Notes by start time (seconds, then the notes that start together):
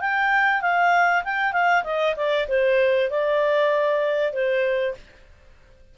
0.00 G5
0.61 F5
1.24 G5
1.52 F5
1.84 D#5
2.16 D5
2.48 C5
3.10 D5
4.33 C5